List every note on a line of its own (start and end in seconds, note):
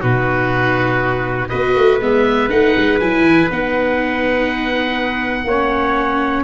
0.00 1.51 B2
0.00 1.49 D#4
0.00 1.49 F#4
0.00 1.48 B4
1.48 1.76 B3
1.48 2.00 F#4
1.48 5.46 B4
1.48 1.98 D#5
1.76 2.00 A3
2.00 2.49 G#3
2.00 2.49 B3
2.00 2.49 E5
2.49 2.75 A3
2.49 2.99 D#4
2.49 2.99 F#5
2.76 3.00 G#3
3.00 3.20 F#3
3.00 3.50 E4
3.00 3.49 G#5
3.20 3.45 E3
3.50 5.44 B3
3.50 5.48 D#4
3.50 6.43 F#5
5.44 6.43 A#3
5.44 6.43 C#5
5.51 6.43 C#4